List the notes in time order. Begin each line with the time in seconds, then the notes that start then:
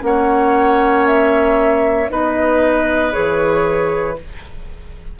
0.00 A#3 C#4 F#5
0.06 C#5
1.07 E5
2.10 B3 D#4 B4 D#5
3.12 E3 G#4 C#5